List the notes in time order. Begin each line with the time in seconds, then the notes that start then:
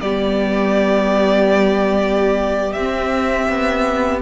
0.00 G3 B3 G4 D5
2.72 C4 E5
3.48 B3